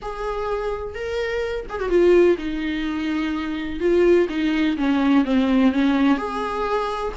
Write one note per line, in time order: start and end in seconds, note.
0.02 0.94 G#4
0.94 1.66 A#4
1.69 1.80 G#4
1.80 1.89 F#4
1.89 2.37 F4
2.38 3.80 D#4
3.80 4.27 F4
4.29 4.76 D#4
4.77 5.24 C#4
5.24 5.72 C4
5.72 6.17 C#4
6.17 7.13 G#4